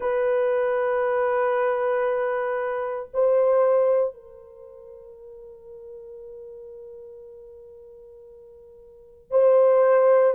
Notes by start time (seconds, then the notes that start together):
0.00 B4
3.13 C5
4.14 A#4
9.31 C5